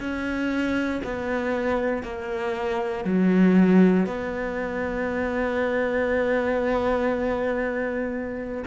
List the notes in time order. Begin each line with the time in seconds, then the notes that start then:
0.00 C#4
1.04 B3
2.03 A#3
3.05 F#3
4.06 B3